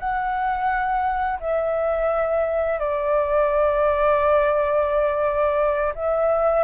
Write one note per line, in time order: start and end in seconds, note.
0.00 1.40 F#5
1.40 2.79 E5
2.79 5.93 D5
5.95 6.64 E5